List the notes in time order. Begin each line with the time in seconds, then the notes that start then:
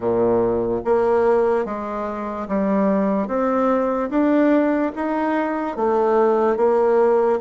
0.00 A#2
0.84 A#3
1.65 G#3
2.48 G3
3.27 C4
4.09 D4
4.95 D#4
5.76 A3
6.56 A#3